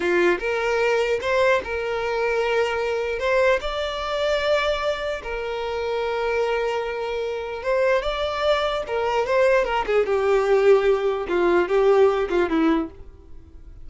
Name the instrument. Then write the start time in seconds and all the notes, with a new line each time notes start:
violin
0.00 F4
0.39 A#4
1.21 C5
1.64 A#4
3.19 C5
3.60 D5
5.23 A#4
7.63 C5
8.02 D5
8.87 A#4
9.26 C5
9.65 A#4
9.86 G#4
10.06 G4
11.28 F4
11.68 G4
12.29 F4
12.49 E4